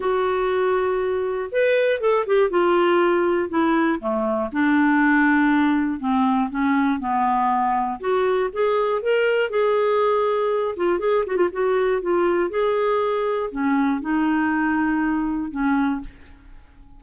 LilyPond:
\new Staff \with { instrumentName = "clarinet" } { \time 4/4 \tempo 4 = 120 fis'2. b'4 | a'8 g'8 f'2 e'4 | a4 d'2. | c'4 cis'4 b2 |
fis'4 gis'4 ais'4 gis'4~ | gis'4. f'8 gis'8 fis'16 f'16 fis'4 | f'4 gis'2 cis'4 | dis'2. cis'4 | }